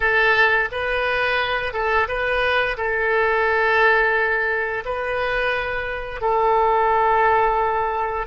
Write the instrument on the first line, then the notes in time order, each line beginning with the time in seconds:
oboe
0.00 A4
0.71 B4
1.73 A4
2.08 B4
2.77 A4
4.85 B4
6.21 A4